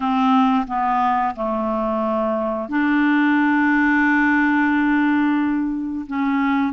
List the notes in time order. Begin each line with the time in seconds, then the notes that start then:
0.00 C4
0.67 B3
1.35 A3
2.68 D4
6.06 C#4